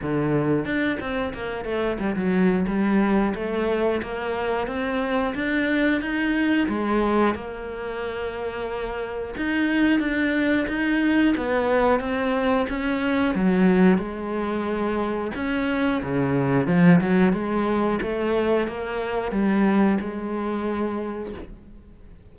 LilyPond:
\new Staff \with { instrumentName = "cello" } { \time 4/4 \tempo 4 = 90 d4 d'8 c'8 ais8 a8 g16 fis8. | g4 a4 ais4 c'4 | d'4 dis'4 gis4 ais4~ | ais2 dis'4 d'4 |
dis'4 b4 c'4 cis'4 | fis4 gis2 cis'4 | cis4 f8 fis8 gis4 a4 | ais4 g4 gis2 | }